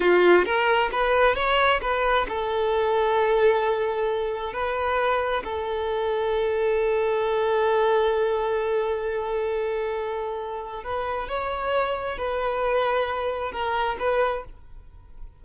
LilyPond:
\new Staff \with { instrumentName = "violin" } { \time 4/4 \tempo 4 = 133 f'4 ais'4 b'4 cis''4 | b'4 a'2.~ | a'2 b'2 | a'1~ |
a'1~ | a'1 | b'4 cis''2 b'4~ | b'2 ais'4 b'4 | }